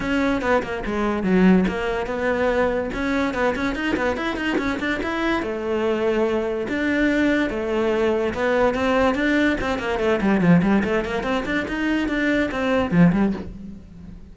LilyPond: \new Staff \with { instrumentName = "cello" } { \time 4/4 \tempo 4 = 144 cis'4 b8 ais8 gis4 fis4 | ais4 b2 cis'4 | b8 cis'8 dis'8 b8 e'8 dis'8 cis'8 d'8 | e'4 a2. |
d'2 a2 | b4 c'4 d'4 c'8 ais8 | a8 g8 f8 g8 a8 ais8 c'8 d'8 | dis'4 d'4 c'4 f8 g8 | }